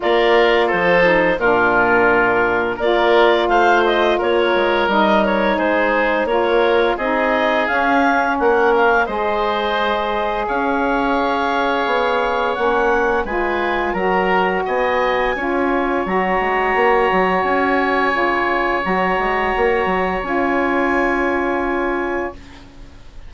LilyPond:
<<
  \new Staff \with { instrumentName = "clarinet" } { \time 4/4 \tempo 4 = 86 d''4 c''4 ais'2 | d''4 f''8 dis''8 cis''4 dis''8 cis''8 | c''4 cis''4 dis''4 f''4 | fis''8 f''8 dis''2 f''4~ |
f''2 fis''4 gis''4 | ais''4 gis''2 ais''4~ | ais''4 gis''2 ais''4~ | ais''4 gis''2. | }
  \new Staff \with { instrumentName = "oboe" } { \time 4/4 ais'4 a'4 f'2 | ais'4 c''4 ais'2 | gis'4 ais'4 gis'2 | ais'4 c''2 cis''4~ |
cis''2. b'4 | ais'4 dis''4 cis''2~ | cis''1~ | cis''1 | }
  \new Staff \with { instrumentName = "saxophone" } { \time 4/4 f'4. dis'8 d'2 | f'2. dis'4~ | dis'4 f'4 dis'4 cis'4~ | cis'4 gis'2.~ |
gis'2 cis'4 f'4 | fis'2 f'4 fis'4~ | fis'2 f'4 fis'4~ | fis'4 f'2. | }
  \new Staff \with { instrumentName = "bassoon" } { \time 4/4 ais4 f4 ais,2 | ais4 a4 ais8 gis8 g4 | gis4 ais4 c'4 cis'4 | ais4 gis2 cis'4~ |
cis'4 b4 ais4 gis4 | fis4 b4 cis'4 fis8 gis8 | ais8 fis8 cis'4 cis4 fis8 gis8 | ais8 fis8 cis'2. | }
>>